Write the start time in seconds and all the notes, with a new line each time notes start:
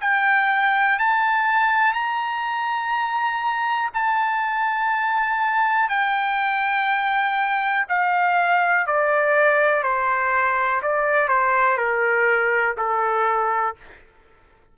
0.00 G5
0.98 A5
1.93 A#5
3.93 A5
5.89 G5
7.88 F5
8.87 D5
9.83 C5
10.82 D5
11.28 C5
11.77 A#4
12.77 A4